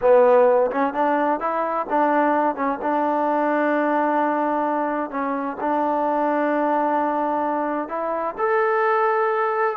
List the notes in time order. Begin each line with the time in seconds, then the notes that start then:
0.01 B3
0.71 C#4
0.93 D4
1.40 E4
1.89 D4
2.55 C#4
2.82 D4
5.10 C#4
5.60 D4
7.88 E4
8.37 A4